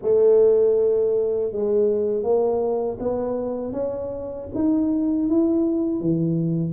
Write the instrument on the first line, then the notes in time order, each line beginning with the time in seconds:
tuba
0.02 A3
1.51 G#3
2.23 A#3
2.99 B3
3.72 C#4
4.54 D#4
5.28 E4
6.00 E3